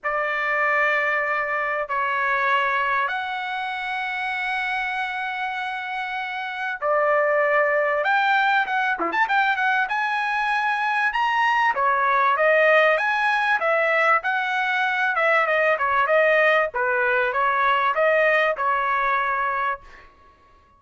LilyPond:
\new Staff \with { instrumentName = "trumpet" } { \time 4/4 \tempo 4 = 97 d''2. cis''4~ | cis''4 fis''2.~ | fis''2. d''4~ | d''4 g''4 fis''8 e'16 a''16 g''8 fis''8 |
gis''2 ais''4 cis''4 | dis''4 gis''4 e''4 fis''4~ | fis''8 e''8 dis''8 cis''8 dis''4 b'4 | cis''4 dis''4 cis''2 | }